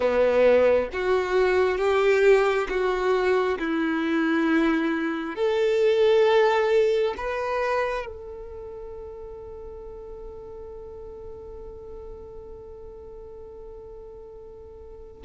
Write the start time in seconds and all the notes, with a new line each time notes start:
0.00 B3
0.92 F#4
1.77 G4
2.69 F#4
3.58 E4
5.35 A4
7.17 B4
8.06 A4